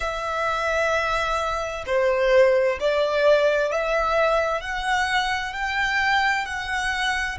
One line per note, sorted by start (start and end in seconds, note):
0.00 1.84 E5
1.86 2.78 C5
2.79 3.71 D5
3.71 4.61 E5
4.61 5.53 F#5
5.53 6.45 G5
6.45 7.38 F#5